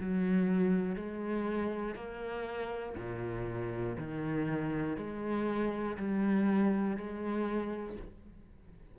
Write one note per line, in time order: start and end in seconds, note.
0.00 0.96 F#3
0.96 1.95 G#3
1.95 2.95 A#3
2.97 3.97 A#2
3.98 4.97 D#3
4.97 5.97 G#3
5.97 6.97 G3
6.97 7.97 G#3